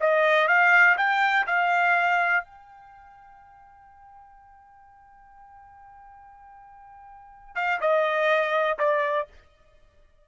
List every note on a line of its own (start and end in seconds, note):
0.00 0.48 D#5
0.48 0.97 F5
0.97 1.46 G5
1.47 2.44 F5
2.44 7.55 G5
7.55 7.80 F5
7.81 8.78 D#5
8.79 9.27 D5